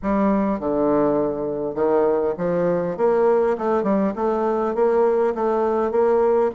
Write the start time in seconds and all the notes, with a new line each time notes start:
0.02 G3
0.59 D3
1.74 D#3
2.37 F3
2.97 A#3
3.58 A3
3.83 G3
4.15 A3
4.74 A#3
5.35 A3
5.91 A#3